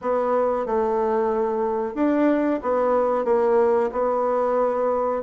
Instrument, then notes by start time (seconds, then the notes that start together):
bassoon
0.01 B3
0.66 A3
1.94 D4
2.62 B3
3.25 A#3
3.91 B3